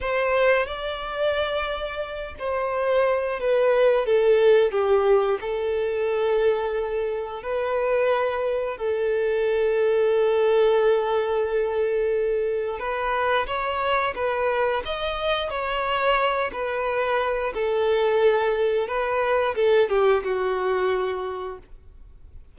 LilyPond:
\new Staff \with { instrumentName = "violin" } { \time 4/4 \tempo 4 = 89 c''4 d''2~ d''8 c''8~ | c''4 b'4 a'4 g'4 | a'2. b'4~ | b'4 a'2.~ |
a'2. b'4 | cis''4 b'4 dis''4 cis''4~ | cis''8 b'4. a'2 | b'4 a'8 g'8 fis'2 | }